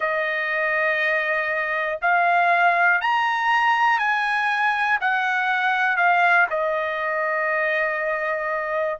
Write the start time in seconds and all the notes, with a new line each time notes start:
0.00 D#5
2.01 F5
3.00 A#5
3.99 G#5
5.00 F#5
5.96 F5
6.50 D#5